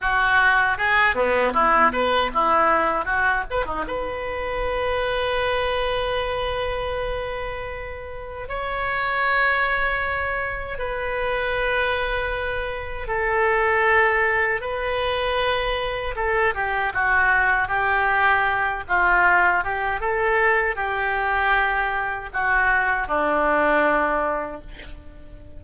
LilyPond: \new Staff \with { instrumentName = "oboe" } { \time 4/4 \tempo 4 = 78 fis'4 gis'8 b8 e'8 b'8 e'4 | fis'8 b'16 dis'16 b'2.~ | b'2. cis''4~ | cis''2 b'2~ |
b'4 a'2 b'4~ | b'4 a'8 g'8 fis'4 g'4~ | g'8 f'4 g'8 a'4 g'4~ | g'4 fis'4 d'2 | }